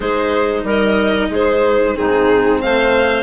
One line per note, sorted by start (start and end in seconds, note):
0.00 0.63 G#3
0.00 1.94 D#4
0.00 0.63 G#4
0.00 0.66 C5
0.63 1.28 G3
0.63 1.29 A#4
0.63 1.34 D#5
1.29 1.94 G#3
1.29 1.95 G#4
1.29 1.96 C5
1.94 2.62 G#2
1.94 3.23 C4
1.94 2.62 D#4
1.94 2.61 G#4
2.61 3.23 A3
2.61 3.23 C5
2.61 3.23 F5